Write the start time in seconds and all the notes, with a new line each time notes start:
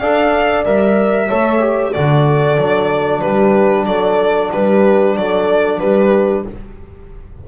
0.00 D4 A4 D5 F5
0.65 G3 A#4 E5
1.28 A3 A4 C#5
1.61 G4
1.93 D3 F#4 A4 D5
2.58 F#3 D4
3.21 G3 G4 B4
3.86 F#3 A4 D5
4.53 G3 G4 B4
5.17 F#3 A4 D5
5.80 G3 G4 B4